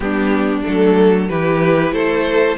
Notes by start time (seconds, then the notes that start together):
0.00 G3 B3 D4 G4
0.64 F#3 A3 A4
1.29 E3 E4 G4 B4
1.91 A3 A4 C5